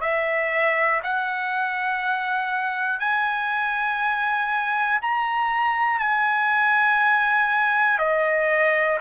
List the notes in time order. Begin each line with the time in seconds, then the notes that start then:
0.00 E5
1.03 F#5
3.00 G#5
5.01 A#5
6.00 G#5
7.98 D#5